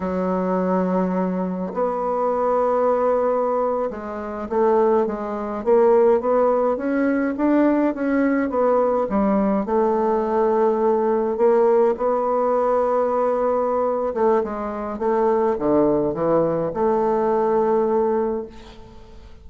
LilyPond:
\new Staff \with { instrumentName = "bassoon" } { \time 4/4 \tempo 4 = 104 fis2. b4~ | b2~ b8. gis4 a16~ | a8. gis4 ais4 b4 cis'16~ | cis'8. d'4 cis'4 b4 g16~ |
g8. a2. ais16~ | ais8. b2.~ b16~ | b8 a8 gis4 a4 d4 | e4 a2. | }